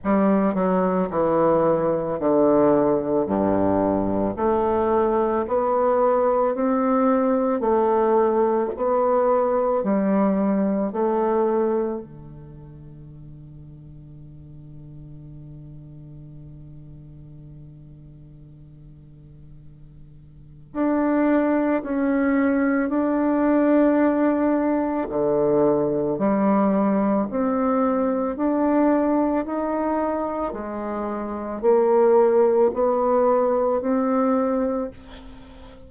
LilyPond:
\new Staff \with { instrumentName = "bassoon" } { \time 4/4 \tempo 4 = 55 g8 fis8 e4 d4 g,4 | a4 b4 c'4 a4 | b4 g4 a4 d4~ | d1~ |
d2. d'4 | cis'4 d'2 d4 | g4 c'4 d'4 dis'4 | gis4 ais4 b4 c'4 | }